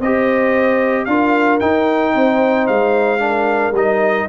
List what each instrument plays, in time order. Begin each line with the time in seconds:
0.00 tuba C4, trombone G4, horn C5, trumpet D#5
1.05 tuba D4, trombone F4, horn A#4, trumpet F5
1.60 trombone D#4, tuba D#4, trumpet G5
2.14 tuba C4, horn C5
2.67 tuba G#3, trumpet F5
3.19 trombone D4, horn A#4
3.72 tuba G3, trombone D#4, trumpet D#5